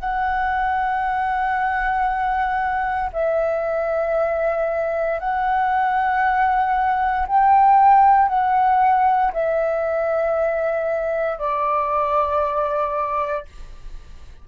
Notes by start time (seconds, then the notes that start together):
0.00 F#5
3.13 E5
5.20 F#5
7.28 G5
8.29 F#5
9.33 E5
11.39 D5